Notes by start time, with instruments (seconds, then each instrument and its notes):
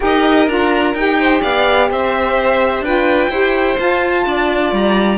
0.00 cello D#4, saxophone G4, violin A#4 D#5
0.47 cello D4, saxophone F4, violin A#5
0.94 cello D#4, saxophone G4, violin G5
1.19 violin C5
1.41 cello B3, violin D5 F5
1.90 cello C4, violin C5 E5
2.80 cello D4, saxophone F4, violin B4 G5
3.29 cello E4, saxophone G4, violin C5
3.76 saxophone F4, cello F4, violin A5
4.25 cello D4, violin D5
4.72 cello G3, violin A#5